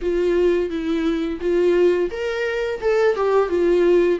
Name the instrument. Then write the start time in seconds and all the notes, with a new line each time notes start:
viola
0.01 F4
0.69 E4
1.40 F4
2.10 A#4
2.81 A4
3.15 G4
3.49 F4